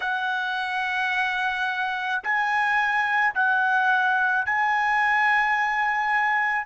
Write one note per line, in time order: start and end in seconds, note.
0.00 2.22 F#5
2.23 3.34 G#5
3.34 4.45 F#5
4.45 6.66 G#5